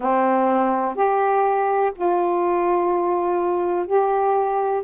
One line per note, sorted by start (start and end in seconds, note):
0.00 0.95 C4
0.95 1.91 G4
1.95 3.86 F4
3.86 4.83 G4